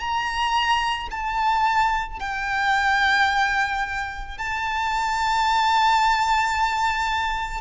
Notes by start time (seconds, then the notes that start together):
0.00 A#5
1.11 A5
2.20 G5
4.38 A5